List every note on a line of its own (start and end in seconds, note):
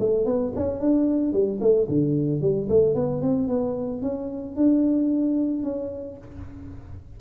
0.00 0.26 A3
0.26 0.53 B3
0.56 0.80 C#4
0.80 1.33 D4
1.33 1.60 G3
1.61 1.88 A3
1.89 2.42 D3
2.42 2.69 G3
2.70 2.95 A3
2.95 3.22 B3
3.22 3.48 C4
3.48 4.02 B3
4.03 4.56 C#4
4.56 5.64 D4
5.64 6.18 C#4